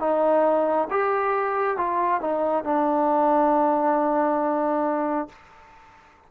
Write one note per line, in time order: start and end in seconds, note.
0.00 0.88 D#4
0.91 1.78 G4
1.78 2.21 F4
2.21 2.64 D#4
2.64 5.29 D4